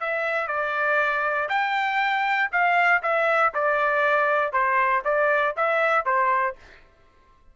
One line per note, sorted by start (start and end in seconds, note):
0.00 0.47 E5
0.47 1.48 D5
1.49 2.50 G5
2.51 3.02 F5
3.02 3.52 E5
3.54 4.52 D5
4.52 5.03 C5
5.04 5.55 D5
5.56 6.05 E5
6.05 6.56 C5